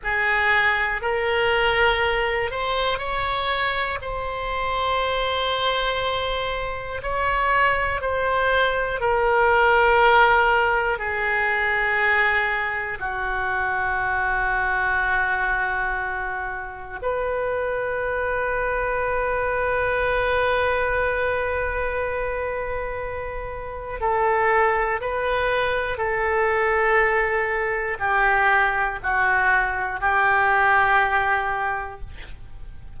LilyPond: \new Staff \with { instrumentName = "oboe" } { \time 4/4 \tempo 4 = 60 gis'4 ais'4. c''8 cis''4 | c''2. cis''4 | c''4 ais'2 gis'4~ | gis'4 fis'2.~ |
fis'4 b'2.~ | b'1 | a'4 b'4 a'2 | g'4 fis'4 g'2 | }